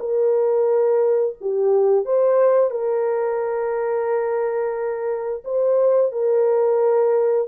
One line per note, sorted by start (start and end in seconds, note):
0.00 1.36 A#4
1.41 2.06 G4
2.06 2.71 C5
2.71 5.44 A#4
5.45 6.12 C5
6.12 7.48 A#4